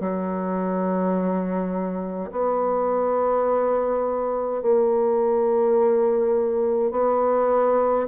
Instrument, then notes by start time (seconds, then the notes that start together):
bassoon
0.00 F#3
2.31 B3
4.62 A#3
6.91 B3